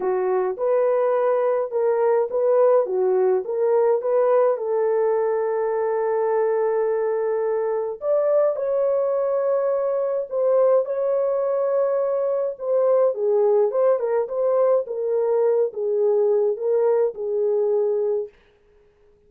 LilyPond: \new Staff \with { instrumentName = "horn" } { \time 4/4 \tempo 4 = 105 fis'4 b'2 ais'4 | b'4 fis'4 ais'4 b'4 | a'1~ | a'2 d''4 cis''4~ |
cis''2 c''4 cis''4~ | cis''2 c''4 gis'4 | c''8 ais'8 c''4 ais'4. gis'8~ | gis'4 ais'4 gis'2 | }